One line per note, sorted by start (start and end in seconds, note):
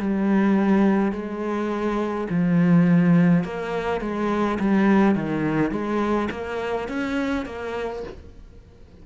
0.00 1.13 G3
1.13 2.28 G#3
2.30 3.44 F3
3.44 4.01 A#3
4.01 4.59 G#3
4.60 5.16 G3
5.16 5.72 D#3
5.72 6.29 G#3
6.31 6.89 A#3
6.89 7.46 C#4
7.46 8.03 A#3